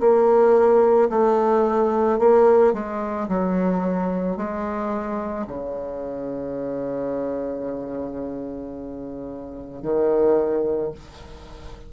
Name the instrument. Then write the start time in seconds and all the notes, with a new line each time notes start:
bassoon
0.00 A#3
1.09 A3
2.18 A#3
2.73 G#3
3.28 F#3
4.36 G#3
5.47 C#3
9.82 D#3